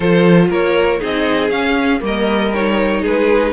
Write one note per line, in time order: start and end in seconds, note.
0.00 0.50 F3
0.00 0.99 F4
0.00 0.48 A4
0.00 0.50 C5
0.50 1.00 A#3
0.50 1.00 A#4
0.50 1.02 C#5
0.99 1.50 C4
0.99 1.49 D#4
0.99 2.01 G#4
0.99 1.50 D#5
1.50 2.00 C#4
1.50 2.00 F5
2.00 3.02 G3
2.00 2.51 A#3
2.00 3.01 A#4
2.00 2.53 D#5
2.53 3.52 D#4
2.53 3.04 C#5
3.01 3.52 G#3
3.01 3.51 G#4
3.01 3.52 B4